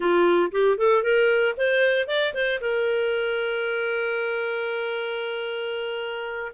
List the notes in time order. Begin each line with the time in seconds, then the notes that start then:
0.00 F4
0.51 G4
0.77 A4
1.03 A#4
1.57 C5
2.07 D5
2.34 C5
2.60 A#4